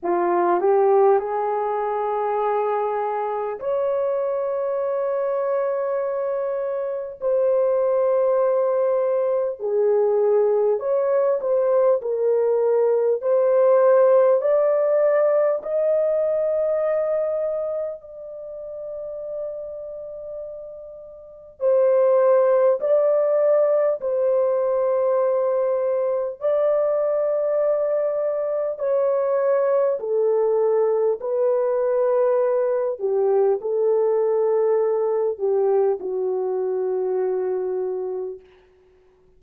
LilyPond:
\new Staff \with { instrumentName = "horn" } { \time 4/4 \tempo 4 = 50 f'8 g'8 gis'2 cis''4~ | cis''2 c''2 | gis'4 cis''8 c''8 ais'4 c''4 | d''4 dis''2 d''4~ |
d''2 c''4 d''4 | c''2 d''2 | cis''4 a'4 b'4. g'8 | a'4. g'8 fis'2 | }